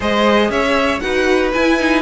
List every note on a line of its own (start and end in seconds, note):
0.00 0.49 G#3
0.00 1.01 G#4
0.00 0.51 C5
0.00 0.50 D#5
0.49 1.00 C#4
0.49 1.02 C#5
0.49 1.00 E5
1.00 1.53 D#4
1.00 1.52 F#4
1.00 2.02 B4
1.00 1.50 F#5
1.53 1.79 E4
1.53 2.02 E4
1.53 2.02 G#5
1.79 2.02 D#4